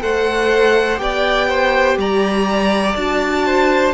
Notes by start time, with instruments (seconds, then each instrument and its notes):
0.00 cello A3, viola A4, violin C5 F#5
0.98 cello B3, viola G4, violin D5 G5
1.49 violin C5
1.97 cello G3, violin D5 A#5
2.96 cello D4, viola F#4, violin A5
3.47 violin C5